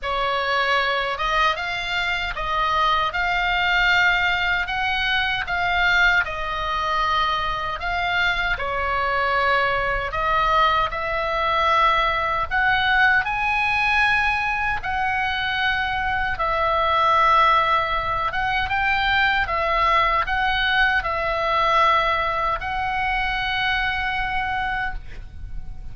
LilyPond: \new Staff \with { instrumentName = "oboe" } { \time 4/4 \tempo 4 = 77 cis''4. dis''8 f''4 dis''4 | f''2 fis''4 f''4 | dis''2 f''4 cis''4~ | cis''4 dis''4 e''2 |
fis''4 gis''2 fis''4~ | fis''4 e''2~ e''8 fis''8 | g''4 e''4 fis''4 e''4~ | e''4 fis''2. | }